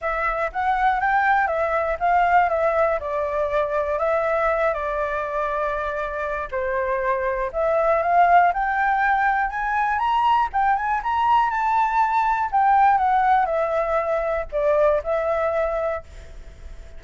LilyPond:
\new Staff \with { instrumentName = "flute" } { \time 4/4 \tempo 4 = 120 e''4 fis''4 g''4 e''4 | f''4 e''4 d''2 | e''4. d''2~ d''8~ | d''4 c''2 e''4 |
f''4 g''2 gis''4 | ais''4 g''8 gis''8 ais''4 a''4~ | a''4 g''4 fis''4 e''4~ | e''4 d''4 e''2 | }